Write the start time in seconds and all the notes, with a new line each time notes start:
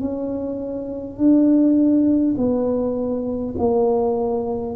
0.00 C#4
1.18 D4
2.37 B3
3.58 A#3